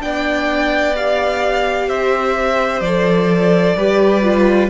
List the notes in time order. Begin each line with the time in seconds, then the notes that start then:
0.00 B3 D4 D5 G5
0.95 G4 F5
1.88 C4 C5 E5
2.80 F3 D5
2.86 A4
3.76 G3 G4 B4
4.23 F4